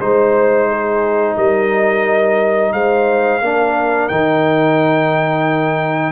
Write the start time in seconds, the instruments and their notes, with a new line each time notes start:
0.00 tuba G#3, trombone D#4, horn C5, trumpet C5
0.69 horn G#4
1.36 tuba G3, horn A#4, trumpet D#5
2.73 tuba G#3, horn C5, trumpet F5
3.41 tuba A#3, trombone D4, horn A#4
4.08 tuba D#3, trombone D#4, trumpet G5